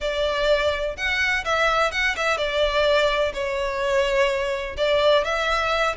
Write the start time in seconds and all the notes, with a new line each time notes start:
0.01 D5
0.97 F#5
1.44 E5
1.91 F#5
2.16 E5
2.37 D5
3.33 C#5
4.77 D5
5.24 E5